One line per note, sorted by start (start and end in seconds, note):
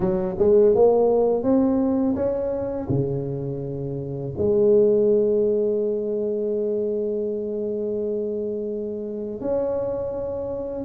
0.00 0.35 F#3
0.38 0.75 G#3
0.75 1.43 A#3
1.43 2.15 C4
2.15 2.87 C#4
2.89 4.33 C#3
4.37 9.40 G#3
9.40 10.84 C#4